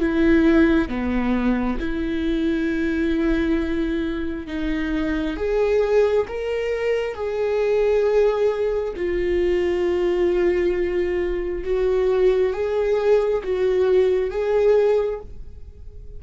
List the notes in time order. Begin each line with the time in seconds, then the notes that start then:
0.00 E4
0.89 B3
1.80 E4
4.47 D#4
5.37 G#4
6.28 A#4
7.15 G#4
8.96 F4
11.64 F#4
12.53 G#4
13.44 F#4
14.30 G#4